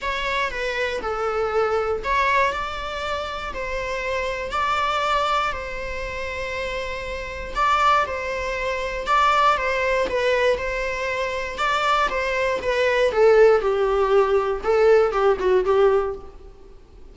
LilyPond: \new Staff \with { instrumentName = "viola" } { \time 4/4 \tempo 4 = 119 cis''4 b'4 a'2 | cis''4 d''2 c''4~ | c''4 d''2 c''4~ | c''2. d''4 |
c''2 d''4 c''4 | b'4 c''2 d''4 | c''4 b'4 a'4 g'4~ | g'4 a'4 g'8 fis'8 g'4 | }